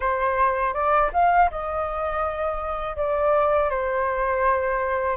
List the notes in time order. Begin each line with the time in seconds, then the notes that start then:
0.00 C5
0.73 D5
1.13 F5
1.51 D#5
2.96 D5
3.70 C5